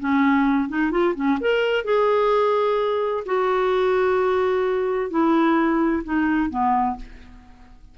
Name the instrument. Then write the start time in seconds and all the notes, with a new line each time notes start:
clarinet
0.00 C#4
0.68 D#4
0.91 F4
1.15 C#4
1.40 A#4
1.84 G#4
3.26 F#4
5.10 E4
6.04 D#4
6.50 B3